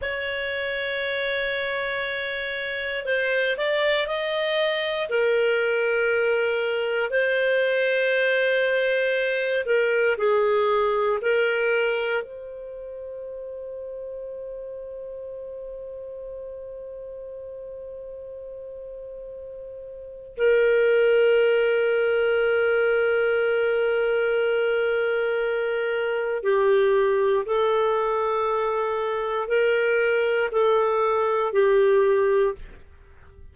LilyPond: \new Staff \with { instrumentName = "clarinet" } { \time 4/4 \tempo 4 = 59 cis''2. c''8 d''8 | dis''4 ais'2 c''4~ | c''4. ais'8 gis'4 ais'4 | c''1~ |
c''1 | ais'1~ | ais'2 g'4 a'4~ | a'4 ais'4 a'4 g'4 | }